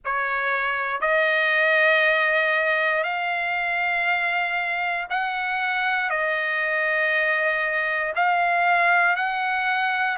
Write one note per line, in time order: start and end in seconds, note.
0.04 1.00 C#5
1.00 3.03 D#5
3.03 5.07 F5
5.10 6.10 F#5
6.10 8.13 D#5
8.15 9.16 F5
9.16 10.17 F#5